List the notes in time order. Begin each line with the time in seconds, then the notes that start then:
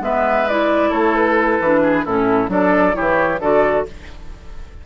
0.00 G#3 B3 B4 E5
0.48 E4 D5
0.90 A3 A4 C#5
1.15 B4
1.60 E3 D4
1.82 G#4
2.05 A2 C#4 E4 A4
2.48 F#3 D4 A4 D5
2.93 E3 E4 G4 C#5
3.40 D3 F#4 A4 D5